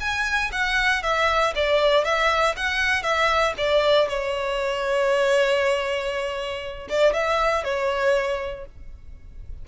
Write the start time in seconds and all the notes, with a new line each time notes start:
0.00 G#5
0.52 F#5
1.03 E5
1.55 D5
2.04 E5
2.56 F#5
3.03 E5
3.58 D5
4.08 C#5
6.89 D5
7.13 E5
7.64 C#5